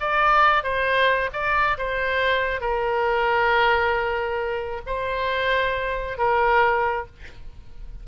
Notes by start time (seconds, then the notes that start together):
0.00 D5
0.63 C5
1.33 D5
1.78 C5
2.60 A#4
4.86 C5
6.18 A#4